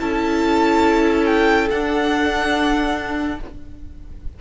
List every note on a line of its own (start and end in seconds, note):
0.00 1.69 C#4
0.00 1.69 E4
0.00 3.39 A4
0.00 1.26 A5
1.26 1.68 G5
1.71 3.40 D4
1.71 3.41 D4
1.71 3.40 F#5